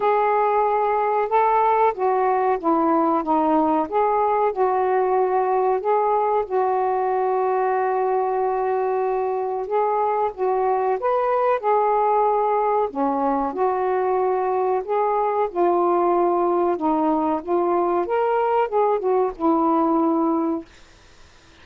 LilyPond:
\new Staff \with { instrumentName = "saxophone" } { \time 4/4 \tempo 4 = 93 gis'2 a'4 fis'4 | e'4 dis'4 gis'4 fis'4~ | fis'4 gis'4 fis'2~ | fis'2. gis'4 |
fis'4 b'4 gis'2 | cis'4 fis'2 gis'4 | f'2 dis'4 f'4 | ais'4 gis'8 fis'8 e'2 | }